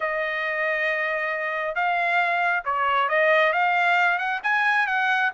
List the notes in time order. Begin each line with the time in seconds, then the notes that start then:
0.00 D#5
1.75 F5
2.65 C#5
3.08 D#5
3.52 F5
4.18 F#5
4.43 G#5
4.86 F#5